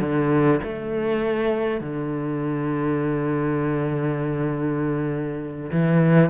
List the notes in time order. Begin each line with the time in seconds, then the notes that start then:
0.00 D3
0.63 A3
1.80 D3
5.72 E3